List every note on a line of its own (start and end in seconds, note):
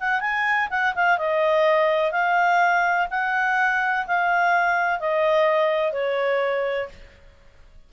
0.00 0.20 F#5
0.20 0.68 G#5
0.70 0.94 F#5
0.95 1.18 F5
1.18 2.11 D#5
2.11 3.07 F5
3.10 4.06 F#5
4.07 5.00 F5
5.00 5.93 D#5
5.93 6.89 C#5